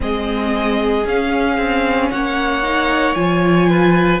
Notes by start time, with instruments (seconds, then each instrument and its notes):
0.00 cello G#3, viola C4, violin G#4 D#5
1.04 cello C#4, viola C#4, violin F5
1.57 cello C4
2.10 cello A#3, violin C#5 F#5
2.63 viola D#4
3.14 cello F3, viola F4, violin G#5
3.69 violin B4